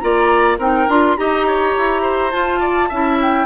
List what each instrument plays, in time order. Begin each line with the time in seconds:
0.00 bassoon A#3, clarinet F4, oboe D5, flute A#5
0.58 bassoon C4, clarinet D#4, oboe A#4, flute G5
0.88 bassoon D4, clarinet F4, flute C6
1.17 bassoon D#4, clarinet G4, oboe D#5, flute A#5
1.47 oboe C#5
1.77 bassoon E4
2.02 oboe C5
2.31 clarinet F4, bassoon F4, flute A5
2.60 oboe D5
2.89 bassoon C#4, clarinet E4, oboe E5
3.22 flute G5